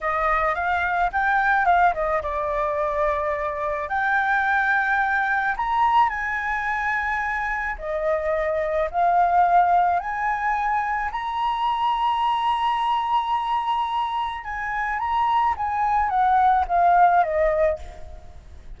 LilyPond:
\new Staff \with { instrumentName = "flute" } { \time 4/4 \tempo 4 = 108 dis''4 f''4 g''4 f''8 dis''8 | d''2. g''4~ | g''2 ais''4 gis''4~ | gis''2 dis''2 |
f''2 gis''2 | ais''1~ | ais''2 gis''4 ais''4 | gis''4 fis''4 f''4 dis''4 | }